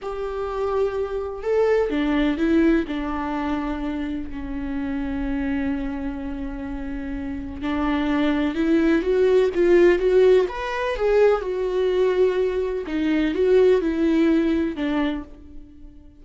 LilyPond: \new Staff \with { instrumentName = "viola" } { \time 4/4 \tempo 4 = 126 g'2. a'4 | d'4 e'4 d'2~ | d'4 cis'2.~ | cis'1 |
d'2 e'4 fis'4 | f'4 fis'4 b'4 gis'4 | fis'2. dis'4 | fis'4 e'2 d'4 | }